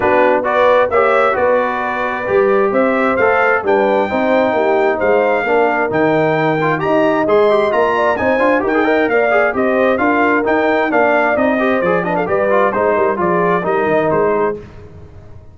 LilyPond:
<<
  \new Staff \with { instrumentName = "trumpet" } { \time 4/4 \tempo 4 = 132 b'4 d''4 e''4 d''4~ | d''2 e''4 f''4 | g''2. f''4~ | f''4 g''2 ais''4 |
c'''4 ais''4 gis''4 g''4 | f''4 dis''4 f''4 g''4 | f''4 dis''4 d''8 dis''16 f''16 d''4 | c''4 d''4 dis''4 c''4 | }
  \new Staff \with { instrumentName = "horn" } { \time 4/4 fis'4 b'4 cis''4 b'4~ | b'2 c''2 | b'4 c''4 g'4 c''4 | ais'2. dis''4~ |
dis''4. d''8 c''4 ais'8 dis''8 | d''4 c''4 ais'2 | d''4. c''4 b'16 a'16 b'4 | c''8 ais'8 gis'4 ais'4. gis'8 | }
  \new Staff \with { instrumentName = "trombone" } { \time 4/4 d'4 fis'4 g'4 fis'4~ | fis'4 g'2 a'4 | d'4 dis'2. | d'4 dis'4. f'8 g'4 |
gis'8 g'8 f'4 dis'8 f'8 g'16 gis'16 ais'8~ | ais'8 gis'8 g'4 f'4 dis'4 | d'4 dis'8 g'8 gis'8 d'8 g'8 f'8 | dis'4 f'4 dis'2 | }
  \new Staff \with { instrumentName = "tuba" } { \time 4/4 b2 ais4 b4~ | b4 g4 c'4 a4 | g4 c'4 ais4 gis4 | ais4 dis2 dis'4 |
gis4 ais4 c'8 d'8 dis'4 | ais4 c'4 d'4 dis'4 | ais4 c'4 f4 g4 | gis8 g8 f4 g8 dis8 gis4 | }
>>